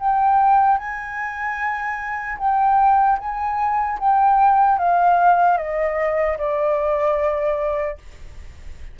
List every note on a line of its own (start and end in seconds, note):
0.00 0.78 G5
0.78 2.38 G#5
2.39 3.19 G5
3.19 3.99 G#5
4.00 4.79 G5
4.79 5.58 F5
5.58 6.38 D#5
6.38 7.98 D5